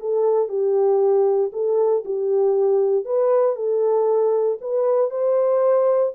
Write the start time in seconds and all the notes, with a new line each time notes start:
0.00 A4
0.49 G4
1.53 A4
2.06 G4
3.06 B4
3.56 A4
4.62 B4
5.11 C5